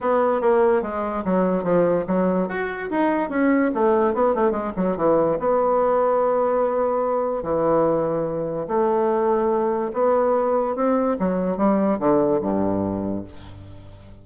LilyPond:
\new Staff \with { instrumentName = "bassoon" } { \time 4/4 \tempo 4 = 145 b4 ais4 gis4 fis4 | f4 fis4 fis'4 dis'4 | cis'4 a4 b8 a8 gis8 fis8 | e4 b2.~ |
b2 e2~ | e4 a2. | b2 c'4 fis4 | g4 d4 g,2 | }